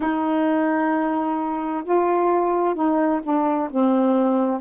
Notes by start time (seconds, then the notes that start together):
0.00 D#4
1.84 F4
2.74 D#4
3.23 D4
3.70 C4